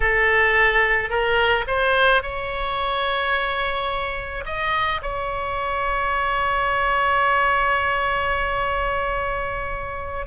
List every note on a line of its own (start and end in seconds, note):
0.00 1.09 A4
1.09 1.65 A#4
1.67 2.22 C5
2.22 4.44 C#5
4.45 5.01 D#5
5.02 10.26 C#5